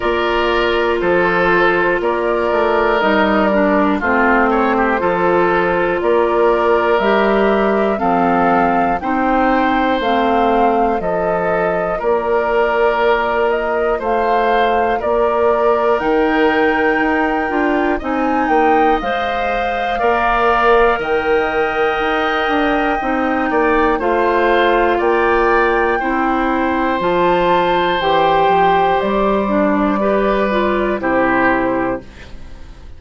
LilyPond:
<<
  \new Staff \with { instrumentName = "flute" } { \time 4/4 \tempo 4 = 60 d''4 c''4 d''4 dis''8 d''8 | c''2 d''4 e''4 | f''4 g''4 f''4 dis''4 | d''4. dis''8 f''4 d''4 |
g''2 gis''8 g''8 f''4~ | f''4 g''2. | f''4 g''2 a''4 | g''4 d''2 c''4 | }
  \new Staff \with { instrumentName = "oboe" } { \time 4/4 ais'4 a'4 ais'2 | f'8 cis''16 g'16 a'4 ais'2 | a'4 c''2 a'4 | ais'2 c''4 ais'4~ |
ais'2 dis''2 | d''4 dis''2~ dis''8 d''8 | c''4 d''4 c''2~ | c''2 b'4 g'4 | }
  \new Staff \with { instrumentName = "clarinet" } { \time 4/4 f'2. dis'8 d'8 | c'4 f'2 g'4 | c'4 dis'4 c'4 f'4~ | f'1 |
dis'4. f'8 dis'4 c''4 | ais'2. dis'4 | f'2 e'4 f'4 | g'4. d'8 g'8 f'8 e'4 | }
  \new Staff \with { instrumentName = "bassoon" } { \time 4/4 ais4 f4 ais8 a8 g4 | a4 f4 ais4 g4 | f4 c'4 a4 f4 | ais2 a4 ais4 |
dis4 dis'8 d'8 c'8 ais8 gis4 | ais4 dis4 dis'8 d'8 c'8 ais8 | a4 ais4 c'4 f4 | e8 f8 g2 c4 | }
>>